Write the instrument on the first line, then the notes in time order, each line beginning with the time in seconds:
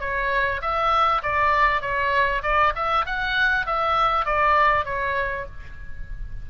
oboe
0.00 C#5
0.61 E5
1.22 D5
1.81 C#5
2.42 D5
2.75 E5
3.06 F#5
3.66 E5
4.25 D5
4.85 C#5